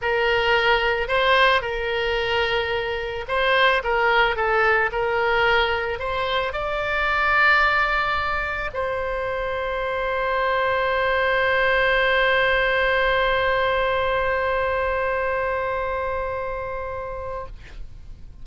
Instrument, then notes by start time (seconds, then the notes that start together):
oboe
0.01 A#4
1.08 C5
1.61 A#4
3.28 C5
3.83 A#4
4.36 A4
4.92 A#4
5.99 C5
6.52 D5
8.73 C5